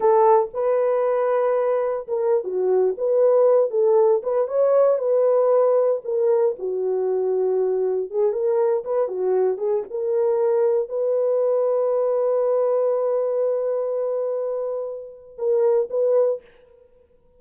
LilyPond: \new Staff \with { instrumentName = "horn" } { \time 4/4 \tempo 4 = 117 a'4 b'2. | ais'8. fis'4 b'4. a'8.~ | a'16 b'8 cis''4 b'2 ais'16~ | ais'8. fis'2. gis'16~ |
gis'16 ais'4 b'8 fis'4 gis'8 ais'8.~ | ais'4~ ais'16 b'2~ b'8.~ | b'1~ | b'2 ais'4 b'4 | }